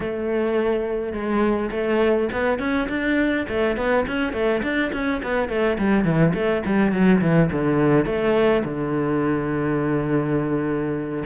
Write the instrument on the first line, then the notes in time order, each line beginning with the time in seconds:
cello
0.00 A3
1.12 G#3
1.71 A3
2.32 B3
2.59 C#4
2.88 D4
3.48 A3
3.76 B3
4.07 C#4
4.32 A3
4.63 D4
4.92 C#4
5.22 B3
5.48 A3
5.78 G3
6.04 E3
6.34 A3
6.65 G3
6.92 F#3
7.21 E3
7.52 D3
8.05 A3
8.64 D3